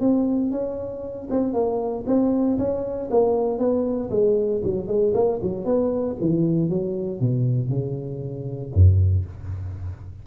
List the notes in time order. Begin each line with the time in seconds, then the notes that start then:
0.00 C4
0.51 C#4
1.30 C4
1.53 A#3
2.07 C4
2.58 C#4
3.10 A#3
3.59 B3
4.10 G#3
4.64 F#3
4.87 G#3
5.14 A#3
5.42 F#3
5.65 B3
6.20 E3
6.69 F#3
7.20 B2
7.69 C#3
8.74 F#2